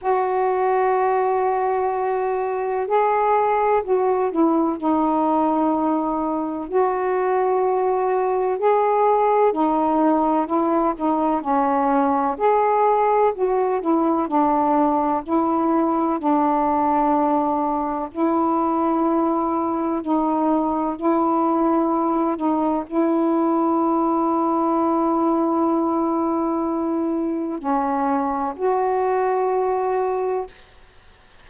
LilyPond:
\new Staff \with { instrumentName = "saxophone" } { \time 4/4 \tempo 4 = 63 fis'2. gis'4 | fis'8 e'8 dis'2 fis'4~ | fis'4 gis'4 dis'4 e'8 dis'8 | cis'4 gis'4 fis'8 e'8 d'4 |
e'4 d'2 e'4~ | e'4 dis'4 e'4. dis'8 | e'1~ | e'4 cis'4 fis'2 | }